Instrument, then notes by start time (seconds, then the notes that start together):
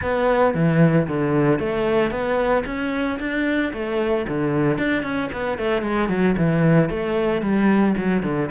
cello
0.01 B3
0.54 E3
1.07 D3
1.59 A3
2.10 B3
2.65 C#4
3.19 D4
3.73 A3
4.28 D3
4.78 D4
5.02 C#4
5.32 B3
5.58 A3
5.82 G#3
6.08 F#3
6.37 E3
6.89 A3
7.41 G3
7.97 F#3
8.23 D3